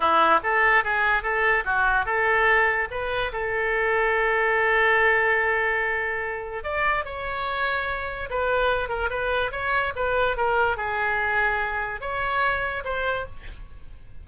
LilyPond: \new Staff \with { instrumentName = "oboe" } { \time 4/4 \tempo 4 = 145 e'4 a'4 gis'4 a'4 | fis'4 a'2 b'4 | a'1~ | a'1 |
d''4 cis''2. | b'4. ais'8 b'4 cis''4 | b'4 ais'4 gis'2~ | gis'4 cis''2 c''4 | }